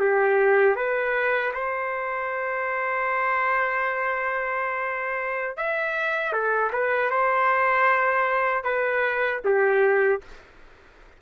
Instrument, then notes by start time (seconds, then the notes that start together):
trumpet
0.00 G4
0.76 B4
1.54 C5
5.57 E5
6.33 A4
6.73 B4
7.11 C5
8.64 B4
9.45 G4